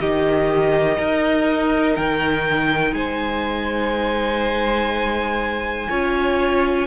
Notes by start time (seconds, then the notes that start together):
0.00 D#3 D#4 G4 D#5
0.98 D#4 A#4
1.97 D#3 G5
2.93 G#3 C5 G#5
5.90 C#4 F4 C#5